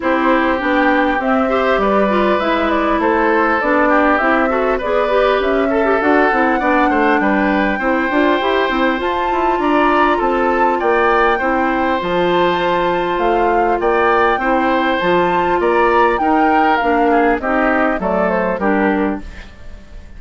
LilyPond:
<<
  \new Staff \with { instrumentName = "flute" } { \time 4/4 \tempo 4 = 100 c''4 g''4 e''4 d''4 | e''8 d''8 c''4 d''4 e''4 | d''4 e''4 fis''2 | g''2. a''4 |
ais''4 a''4 g''2 | a''2 f''4 g''4~ | g''4 a''4 ais''4 g''4 | f''4 dis''4 d''8 c''8 ais'4 | }
  \new Staff \with { instrumentName = "oboe" } { \time 4/4 g'2~ g'8 c''8 b'4~ | b'4 a'4. g'4 a'8 | b'4. a'4. d''8 c''8 | b'4 c''2. |
d''4 a'4 d''4 c''4~ | c''2. d''4 | c''2 d''4 ais'4~ | ais'8 gis'8 g'4 a'4 g'4 | }
  \new Staff \with { instrumentName = "clarinet" } { \time 4/4 e'4 d'4 c'8 g'4 f'8 | e'2 d'4 e'8 fis'8 | gis'8 g'4 a'16 g'16 fis'8 e'8 d'4~ | d'4 e'8 f'8 g'8 e'8 f'4~ |
f'2. e'4 | f'1 | e'4 f'2 dis'4 | d'4 dis'4 a4 d'4 | }
  \new Staff \with { instrumentName = "bassoon" } { \time 4/4 c'4 b4 c'4 g4 | gis4 a4 b4 c'4 | b4 cis'4 d'8 c'8 b8 a8 | g4 c'8 d'8 e'8 c'8 f'8 e'8 |
d'4 c'4 ais4 c'4 | f2 a4 ais4 | c'4 f4 ais4 dis'4 | ais4 c'4 fis4 g4 | }
>>